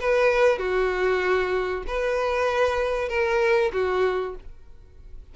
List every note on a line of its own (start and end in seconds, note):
0.00 0.58 B4
0.58 1.83 F#4
1.87 3.09 B4
3.09 3.71 A#4
3.72 4.35 F#4